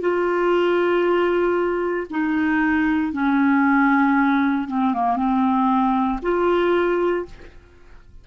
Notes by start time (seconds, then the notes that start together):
0.00 F4
2.10 D#4
3.12 C#4
4.68 C4
4.94 A#3
5.16 C4
6.22 F4